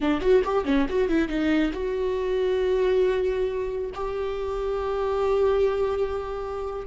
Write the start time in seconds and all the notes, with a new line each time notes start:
0.00 D4
0.20 F#4
0.44 G4
0.64 C#4
0.88 F#4
1.08 E4
1.28 D#4
1.73 F#4
3.94 G4